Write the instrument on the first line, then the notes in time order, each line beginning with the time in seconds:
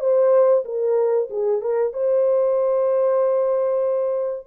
horn
0.00 C5
0.65 A#4
1.30 G#4
1.61 A#4
1.93 C5